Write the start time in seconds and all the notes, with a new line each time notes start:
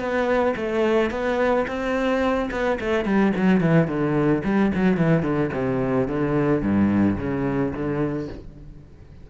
0.00 B3
0.57 A3
1.11 B3
1.68 C4
2.51 B3
2.80 A3
3.05 G3
3.37 F#3
3.61 E3
3.88 D3
4.45 G3
4.75 F#3
4.97 E3
5.23 D3
5.54 C3
6.08 D3
6.63 G2
7.18 C#3
7.74 D3